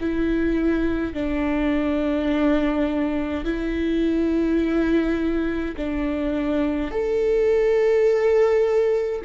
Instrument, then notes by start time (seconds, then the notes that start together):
viola
0.00 E4
1.13 D4
3.44 E4
5.76 D4
6.91 A4